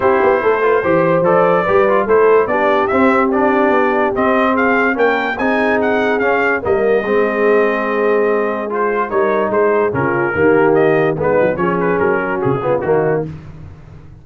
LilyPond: <<
  \new Staff \with { instrumentName = "trumpet" } { \time 4/4 \tempo 4 = 145 c''2. d''4~ | d''4 c''4 d''4 e''4 | d''2 dis''4 f''4 | g''4 gis''4 fis''4 f''4 |
dis''1~ | dis''4 c''4 cis''4 c''4 | ais'2 dis''4 b'4 | cis''8 b'8 ais'4 gis'4 fis'4 | }
  \new Staff \with { instrumentName = "horn" } { \time 4/4 g'4 a'8 b'8 c''2 | b'4 a'4 g'2~ | g'2. gis'4 | ais'4 gis'2. |
ais'4 gis'2.~ | gis'2 ais'4 gis'4 | f'4 g'2 dis'4 | gis'4. fis'4 f'8 dis'4 | }
  \new Staff \with { instrumentName = "trombone" } { \time 4/4 e'4. f'8 g'4 a'4 | g'8 f'8 e'4 d'4 c'4 | d'2 c'2 | cis'4 dis'2 cis'4 |
ais4 c'2.~ | c'4 f'4 dis'2 | cis'4 ais2 b4 | cis'2~ cis'8 b8 ais4 | }
  \new Staff \with { instrumentName = "tuba" } { \time 4/4 c'8 b8 a4 e4 f4 | g4 a4 b4 c'4~ | c'4 b4 c'2 | ais4 c'2 cis'4 |
g4 gis2.~ | gis2 g4 gis4 | cis4 dis2 gis8 fis8 | f4 fis4 cis4 dis4 | }
>>